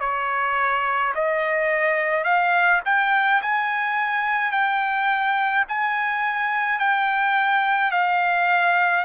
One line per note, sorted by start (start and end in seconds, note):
0.00 1.13 C#5
1.15 2.24 D#5
2.24 2.80 F5
2.85 3.42 G5
3.42 4.51 G#5
4.51 5.64 G5
5.68 6.79 G#5
6.79 7.91 G5
7.91 9.05 F5